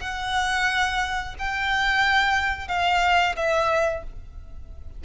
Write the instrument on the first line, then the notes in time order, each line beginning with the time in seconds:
violin
0.00 F#5
1.38 G5
2.68 F5
3.36 E5